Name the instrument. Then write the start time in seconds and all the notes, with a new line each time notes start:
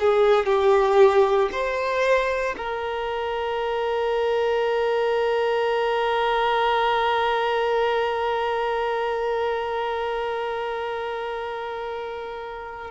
violin
0.00 G#4
0.46 G4
1.52 C5
2.57 A#4